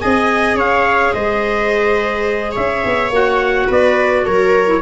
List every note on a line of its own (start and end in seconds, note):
0.00 0.54 C4
0.00 3.11 G#4
0.00 0.56 D#5
0.00 0.57 G#5
0.54 1.11 C#4
0.54 1.13 C#5
0.54 1.13 F5
1.13 2.56 G#3
1.13 2.51 C5
1.13 2.55 D#5
2.51 2.84 C#4
2.51 3.65 C#5
2.51 3.12 E5
2.85 3.10 B3
3.10 3.67 A#3
3.10 4.66 F#4
3.10 3.71 F#5
3.67 4.26 B3
3.67 4.24 B4
3.67 4.25 D5
4.25 4.81 F#3
4.25 4.81 A#4
4.25 4.81 C#5
4.66 4.81 E4